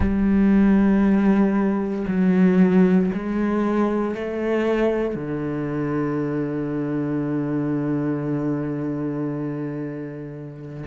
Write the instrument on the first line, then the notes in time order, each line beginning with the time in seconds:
cello
0.00 G3
2.07 F#3
3.13 G#3
4.14 A3
5.15 D3